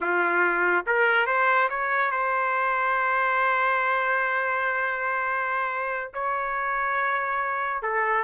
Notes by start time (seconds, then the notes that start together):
0.00 F4
0.86 A#4
1.26 C5
1.69 C#5
2.11 C5
6.13 C#5
7.82 A4